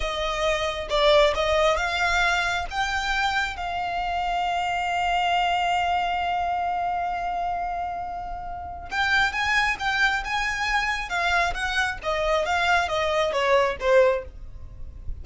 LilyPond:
\new Staff \with { instrumentName = "violin" } { \time 4/4 \tempo 4 = 135 dis''2 d''4 dis''4 | f''2 g''2 | f''1~ | f''1~ |
f''1 | g''4 gis''4 g''4 gis''4~ | gis''4 f''4 fis''4 dis''4 | f''4 dis''4 cis''4 c''4 | }